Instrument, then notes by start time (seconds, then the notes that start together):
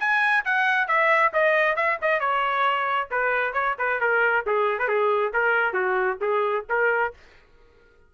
trumpet
0.00 G#5
0.45 F#5
0.88 E5
1.34 D#5
1.76 E5
2.02 D#5
2.20 C#5
3.11 B4
3.54 C#5
3.79 B4
4.01 A#4
4.46 G#4
4.79 B4
4.88 G#4
5.33 A#4
5.74 F#4
6.21 G#4
6.69 A#4